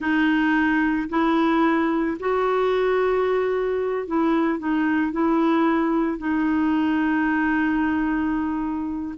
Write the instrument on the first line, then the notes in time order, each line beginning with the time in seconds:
clarinet
0.00 D#4
1.09 E4
2.19 F#4
4.07 E4
4.58 D#4
5.12 E4
6.18 D#4